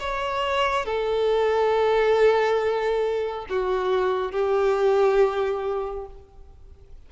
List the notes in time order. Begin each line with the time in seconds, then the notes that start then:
0.00 C#5
0.86 A4
3.50 F#4
4.32 G4